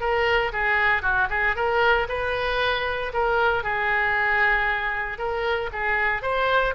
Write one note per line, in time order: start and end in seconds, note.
0.00 0.52 A#4
0.53 1.02 G#4
1.02 1.28 F#4
1.30 1.56 G#4
1.56 2.07 A#4
2.09 3.12 B4
3.13 3.63 A#4
3.63 5.18 G#4
5.18 5.70 A#4
5.72 6.22 G#4
6.22 6.74 C5